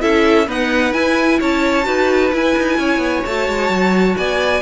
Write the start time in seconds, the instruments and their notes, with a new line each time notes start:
0.00 cello C#4, viola E4, violin A4 E5
0.46 viola B3, cello D#4, violin B4 F#5
0.93 viola E4, cello E4, violin G#5
1.40 cello C#4, violin C#5 A5
1.84 cello D#4, viola F#4, violin B4
2.32 viola E4, cello E4, violin G#5
2.58 cello D#4
2.78 cello C#4, violin C#5
2.98 cello B3
3.25 cello A3, viola F#4, violin A5
3.48 cello G#3
3.69 cello F#3
4.17 cello B3, violin D5 G#5